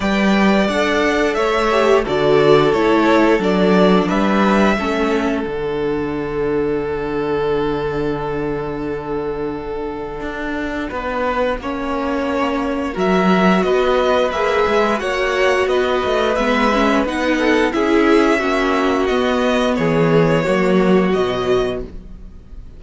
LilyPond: <<
  \new Staff \with { instrumentName = "violin" } { \time 4/4 \tempo 4 = 88 g''4 fis''4 e''4 d''4 | cis''4 d''4 e''2 | fis''1~ | fis''1~ |
fis''2. e''4 | dis''4 e''4 fis''4 dis''4 | e''4 fis''4 e''2 | dis''4 cis''2 dis''4 | }
  \new Staff \with { instrumentName = "violin" } { \time 4/4 d''2 cis''4 a'4~ | a'2 b'4 a'4~ | a'1~ | a'1 |
b'4 cis''2 ais'4 | b'2 cis''4 b'4~ | b'4. a'8 gis'4 fis'4~ | fis'4 gis'4 fis'2 | }
  \new Staff \with { instrumentName = "viola" } { \time 4/4 b'4 a'4. g'8 fis'4 | e'4 d'2 cis'4 | d'1~ | d'1~ |
d'4 cis'2 fis'4~ | fis'4 gis'4 fis'2 | b8 cis'8 dis'4 e'4 cis'4 | b2 ais4 fis4 | }
  \new Staff \with { instrumentName = "cello" } { \time 4/4 g4 d'4 a4 d4 | a4 fis4 g4 a4 | d1~ | d2. d'4 |
b4 ais2 fis4 | b4 ais8 gis8 ais4 b8 a8 | gis4 b4 cis'4 ais4 | b4 e4 fis4 b,4 | }
>>